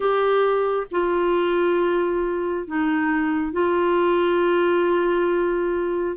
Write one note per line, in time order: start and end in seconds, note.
0.00 0.87 G4
0.91 2.67 F4
2.67 3.52 D#4
3.52 6.16 F4